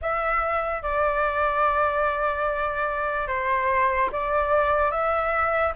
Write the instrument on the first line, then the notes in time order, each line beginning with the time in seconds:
flute
0.01 E5
0.82 D5
3.27 C5
4.11 D5
4.91 E5